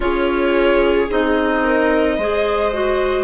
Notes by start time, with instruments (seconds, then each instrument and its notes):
0.00 bassoon C#4, clarinet F4, viola G#4, violin C#5
1.10 bassoon C4, clarinet D#4, violin D#5
1.64 viola A#4
2.17 bassoon G#3, clarinet G#4, viola C5
2.72 clarinet F#4